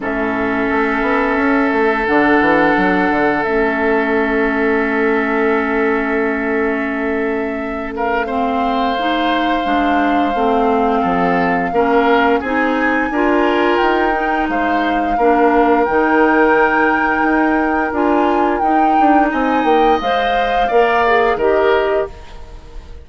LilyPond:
<<
  \new Staff \with { instrumentName = "flute" } { \time 4/4 \tempo 4 = 87 e''2. fis''4~ | fis''4 e''2.~ | e''2.~ e''8 f''8~ | f''1~ |
f''2 gis''2 | g''4 f''2 g''4~ | g''2 gis''4 g''4 | gis''8 g''8 f''2 dis''4 | }
  \new Staff \with { instrumentName = "oboe" } { \time 4/4 a'1~ | a'1~ | a'2.~ a'8 ais'8 | c''1 |
a'4 ais'4 gis'4 ais'4~ | ais'4 c''4 ais'2~ | ais'1 | dis''2 d''4 ais'4 | }
  \new Staff \with { instrumentName = "clarinet" } { \time 4/4 cis'2. d'4~ | d'4 cis'2.~ | cis'1 | c'4 dis'4 d'4 c'4~ |
c'4 cis'4 dis'4 f'4~ | f'8 dis'4. d'4 dis'4~ | dis'2 f'4 dis'4~ | dis'4 c''4 ais'8 gis'8 g'4 | }
  \new Staff \with { instrumentName = "bassoon" } { \time 4/4 a,4 a8 b8 cis'8 a8 d8 e8 | fis8 d8 a2.~ | a1~ | a2 gis4 a4 |
f4 ais4 c'4 d'4 | dis'4 gis4 ais4 dis4~ | dis4 dis'4 d'4 dis'8 d'8 | c'8 ais8 gis4 ais4 dis4 | }
>>